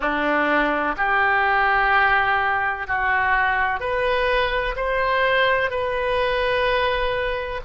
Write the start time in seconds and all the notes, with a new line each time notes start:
0.00 D4
0.97 G4
2.87 F#4
3.80 B4
4.76 C5
5.70 B4